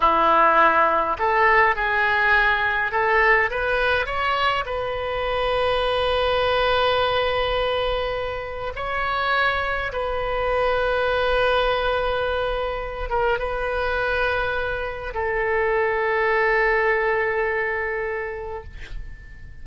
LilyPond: \new Staff \with { instrumentName = "oboe" } { \time 4/4 \tempo 4 = 103 e'2 a'4 gis'4~ | gis'4 a'4 b'4 cis''4 | b'1~ | b'2. cis''4~ |
cis''4 b'2.~ | b'2~ b'8 ais'8 b'4~ | b'2 a'2~ | a'1 | }